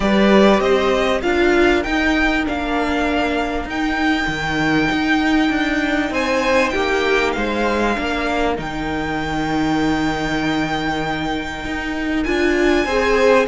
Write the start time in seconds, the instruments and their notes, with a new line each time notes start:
0.00 cello G3, viola G4, violin B4 D5
0.59 cello C4, violin C5 D#5
1.22 cello D4, viola F4, violin A#4 F5
1.83 viola D#4, cello D#4, violin G5
2.45 cello A#3, viola D4, violin F5
3.65 cello D#4, viola D#4, violin G5
4.27 cello D#3
4.91 cello D#4
5.49 cello D4
6.10 cello C4, violin C5 G#5
6.69 cello A#3, violin G4 G5
7.32 cello G#3, violin C5 F5
7.94 cello A#3, viola D4, violin A#4
8.55 cello D#3, viola D#4, violin G5
11.64 cello D#4
12.23 cello D4, viola F4, violin G#5
12.85 cello C4, viola G#4, violin C5